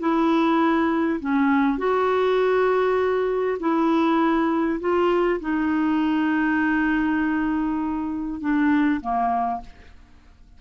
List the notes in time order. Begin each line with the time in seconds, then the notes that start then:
0.00 E4
1.20 C#4
1.78 F#4
3.60 E4
4.80 F4
5.41 D#4
8.41 D4
9.01 A#3